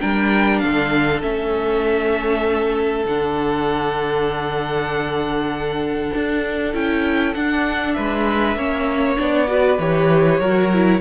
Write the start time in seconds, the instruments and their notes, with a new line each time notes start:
0.00 cello G3, viola D4, violin A#4 G5
0.58 cello D3, violin A4 F5
1.22 cello A3, viola C#4, violin E5
3.05 cello D3, viola D4, violin F#5
6.15 cello D4
6.73 cello C#4, viola E4, violin G5
7.34 cello D4, viola D4, violin F#5
7.93 cello G#3, violin B4 E5
8.56 cello A#3, viola C#4, violin C#5
9.17 cello B3, viola D4, violin D5
9.48 viola F#4, violin B4
9.78 cello E3, viola G4, violin C#5
10.40 cello F#3, viola F#4, violin A#4
10.73 viola E4